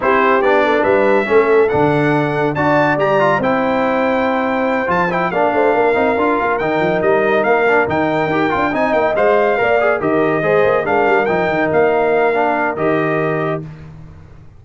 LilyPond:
<<
  \new Staff \with { instrumentName = "trumpet" } { \time 4/4 \tempo 4 = 141 c''4 d''4 e''2 | fis''2 a''4 ais''4 | g''2.~ g''8 a''8 | g''8 f''2. g''8~ |
g''8 dis''4 f''4 g''4.~ | g''8 gis''8 g''8 f''2 dis''8~ | dis''4. f''4 g''4 f''8~ | f''2 dis''2 | }
  \new Staff \with { instrumentName = "horn" } { \time 4/4 g'4. a'8 b'4 a'4~ | a'2 d''2 | c''1~ | c''8 d''8 c''8 ais'2~ ais'8~ |
ais'1~ | ais'8 dis''2 d''4 ais'8~ | ais'8 c''4 ais'2~ ais'8~ | ais'1 | }
  \new Staff \with { instrumentName = "trombone" } { \time 4/4 e'4 d'2 cis'4 | d'2 fis'4 g'8 f'8 | e'2.~ e'8 f'8 | e'8 d'4. dis'8 f'4 dis'8~ |
dis'2 d'8 dis'4 g'8 | f'8 dis'4 c''4 ais'8 gis'8 g'8~ | g'8 gis'4 d'4 dis'4.~ | dis'4 d'4 g'2 | }
  \new Staff \with { instrumentName = "tuba" } { \time 4/4 c'4 b4 g4 a4 | d2 d'4 g4 | c'2.~ c'8 f8~ | f8 ais8 a8 ais8 c'8 d'8 ais8 dis8 |
f8 g4 ais4 dis4 dis'8 | d'8 c'8 ais8 gis4 ais4 dis8~ | dis8 gis8 ais8 gis8 g8 f8 dis8 ais8~ | ais2 dis2 | }
>>